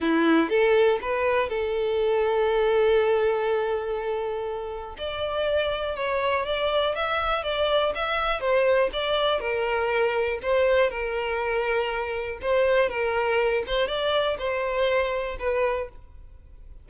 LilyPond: \new Staff \with { instrumentName = "violin" } { \time 4/4 \tempo 4 = 121 e'4 a'4 b'4 a'4~ | a'1~ | a'2 d''2 | cis''4 d''4 e''4 d''4 |
e''4 c''4 d''4 ais'4~ | ais'4 c''4 ais'2~ | ais'4 c''4 ais'4. c''8 | d''4 c''2 b'4 | }